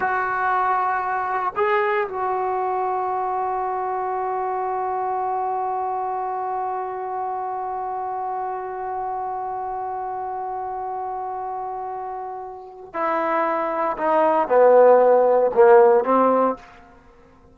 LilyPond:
\new Staff \with { instrumentName = "trombone" } { \time 4/4 \tempo 4 = 116 fis'2. gis'4 | fis'1~ | fis'1~ | fis'1~ |
fis'1~ | fis'1~ | fis'4 e'2 dis'4 | b2 ais4 c'4 | }